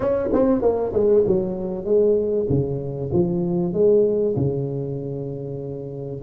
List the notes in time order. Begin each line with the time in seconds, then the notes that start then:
0.00 C#4
0.32 C4
0.61 A#3
0.93 G#3
1.26 F#3
1.84 G#3
2.49 C#3
3.12 F3
3.73 G#3
4.36 C#3